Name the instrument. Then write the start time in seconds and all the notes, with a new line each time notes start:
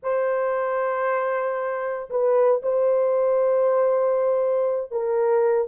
horn
0.02 C5
2.09 B4
2.62 C5
4.91 A#4